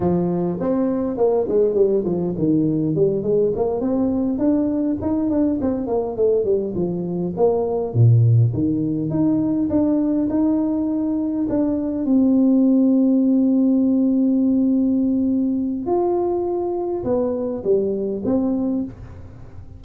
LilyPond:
\new Staff \with { instrumentName = "tuba" } { \time 4/4 \tempo 4 = 102 f4 c'4 ais8 gis8 g8 f8 | dis4 g8 gis8 ais8 c'4 d'8~ | d'8 dis'8 d'8 c'8 ais8 a8 g8 f8~ | f8 ais4 ais,4 dis4 dis'8~ |
dis'8 d'4 dis'2 d'8~ | d'8 c'2.~ c'8~ | c'2. f'4~ | f'4 b4 g4 c'4 | }